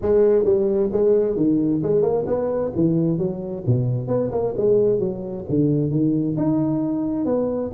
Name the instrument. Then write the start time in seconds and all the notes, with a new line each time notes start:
tuba
0.01 G#3
0.44 G3
0.92 G#3
1.36 D#3
1.83 G#3
2.02 A#3
2.26 B3
2.75 E3
3.18 F#3
3.66 B2
4.07 B3
4.31 A#3
4.57 G#3
4.99 F#3
5.49 D3
5.90 D#3
6.37 D#4
7.25 B3